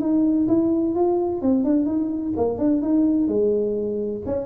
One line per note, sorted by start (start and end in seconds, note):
0.00 0.47 D#4
0.47 0.95 E4
0.95 1.42 F4
1.42 1.64 C4
1.64 1.86 D4
1.86 2.33 D#4
2.36 2.58 A#3
2.58 2.82 D4
2.82 3.27 D#4
3.27 4.22 G#3
4.26 4.46 C#4